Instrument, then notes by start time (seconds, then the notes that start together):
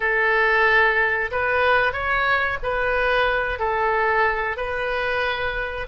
oboe
0.00 A4
1.31 B4
1.92 C#5
2.63 B4
3.59 A4
4.57 B4